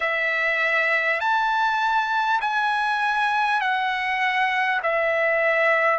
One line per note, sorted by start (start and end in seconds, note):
0.00 1.19 E5
1.20 2.40 A5
2.41 3.61 G#5
3.61 4.81 F#5
4.82 5.99 E5